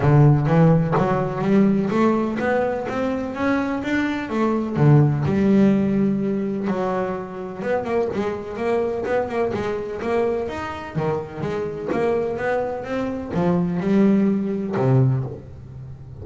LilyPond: \new Staff \with { instrumentName = "double bass" } { \time 4/4 \tempo 4 = 126 d4 e4 fis4 g4 | a4 b4 c'4 cis'4 | d'4 a4 d4 g4~ | g2 fis2 |
b8 ais8 gis4 ais4 b8 ais8 | gis4 ais4 dis'4 dis4 | gis4 ais4 b4 c'4 | f4 g2 c4 | }